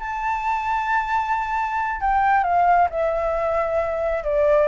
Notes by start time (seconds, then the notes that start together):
0.00 A5
2.01 G5
2.44 F5
2.90 E5
4.24 D5